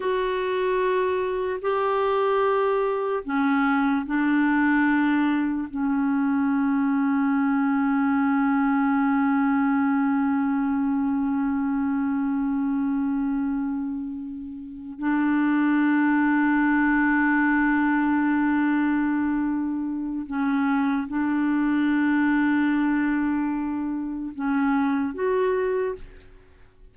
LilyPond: \new Staff \with { instrumentName = "clarinet" } { \time 4/4 \tempo 4 = 74 fis'2 g'2 | cis'4 d'2 cis'4~ | cis'1~ | cis'1~ |
cis'2~ cis'8 d'4.~ | d'1~ | d'4 cis'4 d'2~ | d'2 cis'4 fis'4 | }